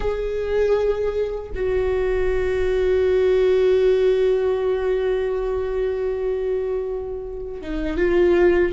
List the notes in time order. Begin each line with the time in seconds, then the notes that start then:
0.00 G#4
1.54 F#4
7.61 D#4
7.97 F4